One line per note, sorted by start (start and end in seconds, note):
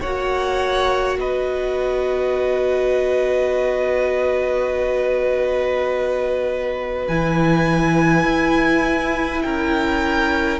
0.00 1.18 A#3
0.00 7.10 F#4
0.00 1.18 C#5
0.00 1.19 F#5
1.18 7.07 B3
1.18 9.43 B4
1.18 7.07 D#5
7.07 8.25 E3
7.07 10.60 E4
7.07 9.42 G#5
8.25 9.42 E4
9.42 10.60 C#4
9.42 10.60 A#4
9.42 10.60 G5